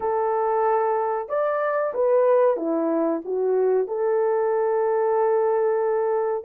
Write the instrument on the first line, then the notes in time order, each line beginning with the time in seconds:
horn
0.00 A4
1.28 D5
1.94 B4
2.56 E4
3.25 F#4
3.87 A4